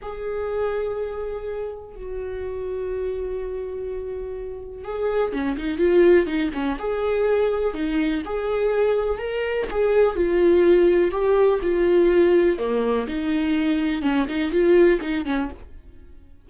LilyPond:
\new Staff \with { instrumentName = "viola" } { \time 4/4 \tempo 4 = 124 gis'1 | fis'1~ | fis'2 gis'4 cis'8 dis'8 | f'4 dis'8 cis'8 gis'2 |
dis'4 gis'2 ais'4 | gis'4 f'2 g'4 | f'2 ais4 dis'4~ | dis'4 cis'8 dis'8 f'4 dis'8 cis'8 | }